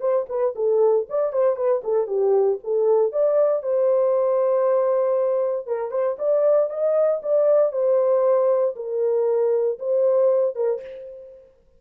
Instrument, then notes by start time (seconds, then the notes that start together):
horn
0.00 C5
0.29 B4
0.55 A4
1.09 D5
1.32 C5
1.56 B4
1.84 A4
2.07 G4
2.64 A4
3.12 D5
3.63 C5
5.66 A#4
5.91 C5
6.19 D5
6.70 D#5
7.23 D5
7.72 C5
8.76 A#4
9.79 C5
10.55 A#4